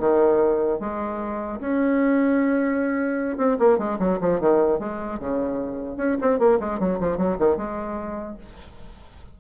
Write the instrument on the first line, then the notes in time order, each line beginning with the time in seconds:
bassoon
0.00 D#3
0.80 G#3
1.61 C#4
3.38 C4
3.59 A#3
3.79 G#3
3.99 F#3
4.21 F3
4.41 D#3
4.80 G#3
5.20 C#3
5.97 C#4
6.22 C4
6.39 A#3
6.60 G#3
6.80 F#3
7.00 F3
7.18 F#3
7.39 D#3
7.57 G#3